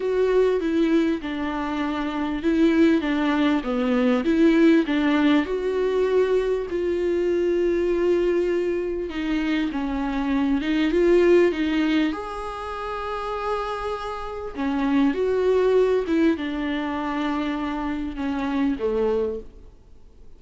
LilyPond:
\new Staff \with { instrumentName = "viola" } { \time 4/4 \tempo 4 = 99 fis'4 e'4 d'2 | e'4 d'4 b4 e'4 | d'4 fis'2 f'4~ | f'2. dis'4 |
cis'4. dis'8 f'4 dis'4 | gis'1 | cis'4 fis'4. e'8 d'4~ | d'2 cis'4 a4 | }